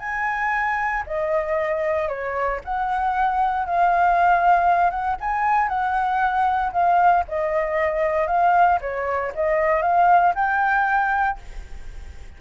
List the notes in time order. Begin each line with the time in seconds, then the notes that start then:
0.00 G#5
1.07 D#5
2.09 C#5
2.65 F#5
3.67 F5
4.91 F#5
5.21 G#5
5.69 F#5
6.73 F5
7.29 D#5
8.28 F5
8.81 C#5
9.36 D#5
9.83 F5
10.35 G5